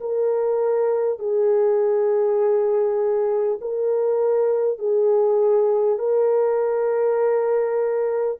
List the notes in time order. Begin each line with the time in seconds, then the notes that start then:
0.00 A#4
1.19 G#4
3.61 A#4
4.78 G#4
5.98 A#4